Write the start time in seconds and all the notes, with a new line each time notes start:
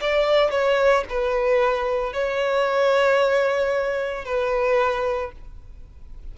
0.00 D5
0.51 C#5
1.09 B4
2.13 C#5
4.25 B4